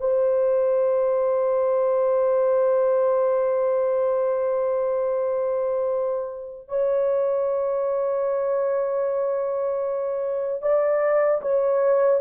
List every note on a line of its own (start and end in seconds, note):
0.00 6.69 C5
6.69 10.62 C#5
10.62 11.41 D5
11.42 12.20 C#5